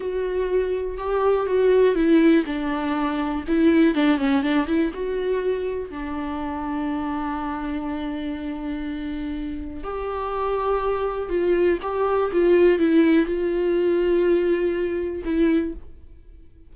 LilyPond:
\new Staff \with { instrumentName = "viola" } { \time 4/4 \tempo 4 = 122 fis'2 g'4 fis'4 | e'4 d'2 e'4 | d'8 cis'8 d'8 e'8 fis'2 | d'1~ |
d'1 | g'2. f'4 | g'4 f'4 e'4 f'4~ | f'2. e'4 | }